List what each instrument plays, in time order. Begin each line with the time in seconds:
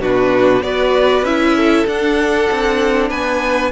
0.00 cello B2, viola D4, violin F#4 B4
0.62 cello B3, viola F#4, violin B4 D5
1.23 cello C#4, viola E4, violin E5
1.57 violin A4
1.87 cello D4, viola D4, violin F#5
2.51 cello C4
3.10 cello B3, violin B4 G#5